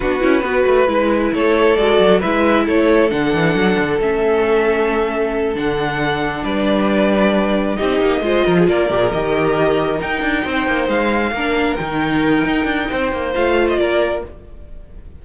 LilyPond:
<<
  \new Staff \with { instrumentName = "violin" } { \time 4/4 \tempo 4 = 135 b'2. cis''4 | d''4 e''4 cis''4 fis''4~ | fis''4 e''2.~ | e''8 fis''2 d''4.~ |
d''4. dis''2 d''8~ | d''8 dis''2 g''4.~ | g''8 f''2 g''4.~ | g''2 f''8. dis''16 d''4 | }
  \new Staff \with { instrumentName = "violin" } { \time 4/4 fis'4 b'2 a'4~ | a'4 b'4 a'2~ | a'1~ | a'2~ a'8 b'4.~ |
b'4. g'4 c''8 ais'16 gis'16 ais'8~ | ais'2.~ ais'8 c''8~ | c''4. ais'2~ ais'8~ | ais'4 c''2 ais'4 | }
  \new Staff \with { instrumentName = "viola" } { \time 4/4 d'8 e'8 fis'4 e'2 | fis'4 e'2 d'4~ | d'4 cis'2.~ | cis'8 d'2.~ d'8~ |
d'4. dis'4 f'4. | g'16 gis'16 g'2 dis'4.~ | dis'4. d'4 dis'4.~ | dis'2 f'2 | }
  \new Staff \with { instrumentName = "cello" } { \time 4/4 b8 cis'8 b8 a8 gis4 a4 | gis8 fis8 gis4 a4 d8 e8 | fis8 d8 a2.~ | a8 d2 g4.~ |
g4. c'8 ais8 gis8 f8 ais8 | ais,8 dis2 dis'8 d'8 c'8 | ais8 gis4 ais4 dis4. | dis'8 d'8 c'8 ais8 a4 ais4 | }
>>